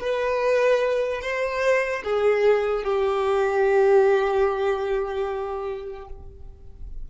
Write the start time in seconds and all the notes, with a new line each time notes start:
0.00 B4
1.21 C5
2.04 G#4
2.83 G4